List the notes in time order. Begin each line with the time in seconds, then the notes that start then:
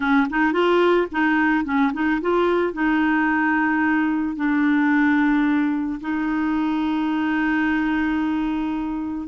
0.00 C#4
0.30 D#4
0.52 F4
1.11 D#4
1.64 C#4
1.93 D#4
2.21 F4
2.73 D#4
4.36 D4
6.00 D#4